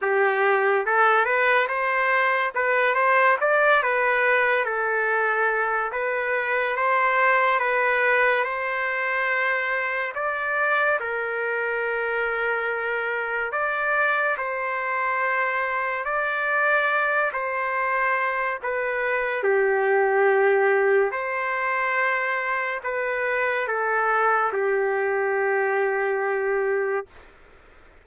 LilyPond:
\new Staff \with { instrumentName = "trumpet" } { \time 4/4 \tempo 4 = 71 g'4 a'8 b'8 c''4 b'8 c''8 | d''8 b'4 a'4. b'4 | c''4 b'4 c''2 | d''4 ais'2. |
d''4 c''2 d''4~ | d''8 c''4. b'4 g'4~ | g'4 c''2 b'4 | a'4 g'2. | }